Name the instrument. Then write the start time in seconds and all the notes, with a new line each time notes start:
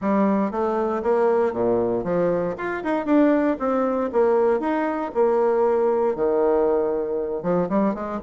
bassoon
0.01 G3
0.51 A3
1.03 A#3
1.53 A#2
2.04 F3
2.57 F4
2.83 D#4
3.05 D4
3.59 C4
4.12 A#3
4.60 D#4
5.14 A#3
6.15 D#3
7.42 F3
7.69 G3
7.94 G#3